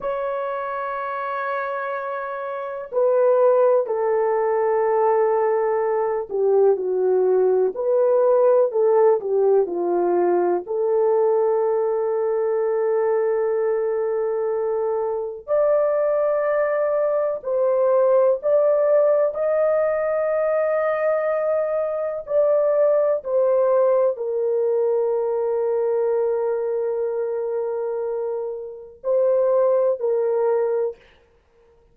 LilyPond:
\new Staff \with { instrumentName = "horn" } { \time 4/4 \tempo 4 = 62 cis''2. b'4 | a'2~ a'8 g'8 fis'4 | b'4 a'8 g'8 f'4 a'4~ | a'1 |
d''2 c''4 d''4 | dis''2. d''4 | c''4 ais'2.~ | ais'2 c''4 ais'4 | }